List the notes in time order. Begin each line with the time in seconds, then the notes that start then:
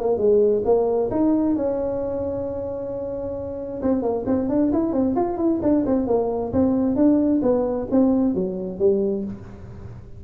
0.00 A#3
0.18 G#3
0.65 A#3
1.11 D#4
1.56 C#4
3.83 C4
4.03 A#3
4.27 C4
4.49 D4
4.73 E4
4.93 C4
5.16 F4
5.38 E4
5.62 D4
5.86 C4
6.08 A#3
6.53 C4
6.96 D4
7.43 B3
7.91 C4
8.35 F#3
8.79 G3